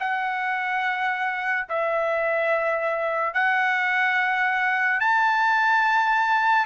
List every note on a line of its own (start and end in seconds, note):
0.00 1.67 F#5
1.69 3.34 E5
3.34 5.00 F#5
5.00 6.66 A5